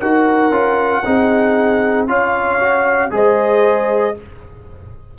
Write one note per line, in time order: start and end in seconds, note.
0.00 0.50 D#4
0.00 0.52 F#4
0.00 1.03 A#4
0.00 2.07 F#5
0.50 1.02 C#4
0.50 1.04 F4
1.05 2.07 C4
1.05 2.08 D#4
1.05 2.09 G#4
2.07 3.11 C#4
2.07 2.59 F4
2.07 3.12 C#5
2.07 3.12 F5
2.60 3.11 F#4
3.11 4.15 G#3
3.11 4.14 G#4
3.11 4.18 C5
3.11 4.19 D#5